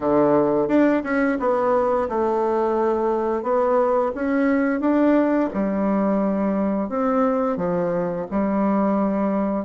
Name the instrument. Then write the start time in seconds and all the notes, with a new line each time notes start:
bassoon
0.00 D3
0.67 D4
1.03 C#4
1.39 B3
2.08 A3
3.42 B3
4.14 C#4
4.80 D4
5.53 G3
6.89 C4
7.56 F3
8.30 G3